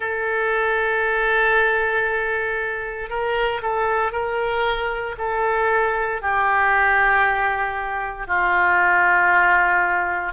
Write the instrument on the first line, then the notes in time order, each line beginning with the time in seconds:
oboe
0.00 A4
3.09 A#4
3.62 A4
4.11 A#4
5.18 A4
6.21 G4
8.27 F4